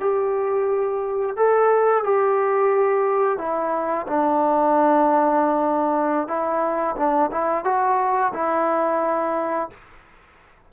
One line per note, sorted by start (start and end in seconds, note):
0.00 1.36 G4
1.36 2.04 A4
2.04 3.38 G4
3.38 4.06 E4
4.07 6.28 D4
6.28 6.95 E4
6.96 7.30 D4
7.31 7.64 E4
7.64 8.32 F#4
8.34 9.70 E4